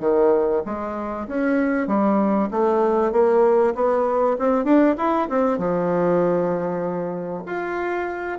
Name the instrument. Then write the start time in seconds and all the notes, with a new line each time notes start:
bassoon
0.00 D#3
0.66 G#3
1.28 C#4
1.88 G3
2.51 A3
3.12 A#3
3.75 B3
4.39 C4
4.65 D4
4.98 E4
5.29 C4
5.58 F3
7.46 F4